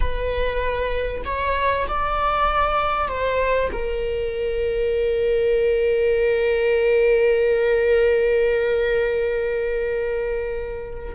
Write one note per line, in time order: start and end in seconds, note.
0.00 1.22 B4
1.25 1.86 C#5
1.88 3.08 D5
3.08 3.69 C5
3.72 11.15 A#4